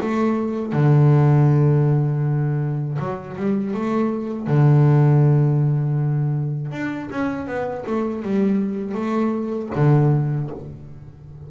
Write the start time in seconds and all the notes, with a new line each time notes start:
0.00 A3
0.73 D3
2.98 F#3
3.36 G3
3.73 A3
4.47 D3
6.71 D4
7.10 C#4
7.46 B3
7.86 A3
8.22 G3
8.94 A3
9.75 D3